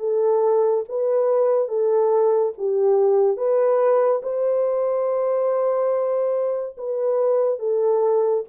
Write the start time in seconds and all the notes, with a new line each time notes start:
0.00 A4
0.89 B4
1.69 A4
2.58 G4
3.37 B4
4.23 C5
6.78 B4
7.59 A4